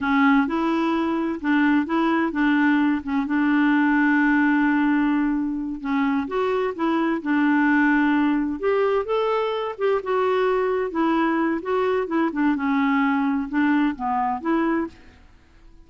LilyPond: \new Staff \with { instrumentName = "clarinet" } { \time 4/4 \tempo 4 = 129 cis'4 e'2 d'4 | e'4 d'4. cis'8 d'4~ | d'1~ | d'8 cis'4 fis'4 e'4 d'8~ |
d'2~ d'8 g'4 a'8~ | a'4 g'8 fis'2 e'8~ | e'4 fis'4 e'8 d'8 cis'4~ | cis'4 d'4 b4 e'4 | }